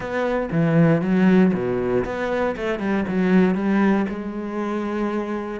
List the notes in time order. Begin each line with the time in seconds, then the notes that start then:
0.00 B3
0.51 E3
1.01 F#3
1.53 B2
2.04 B3
2.56 A3
2.79 G3
3.08 F#3
3.55 G3
4.09 G#3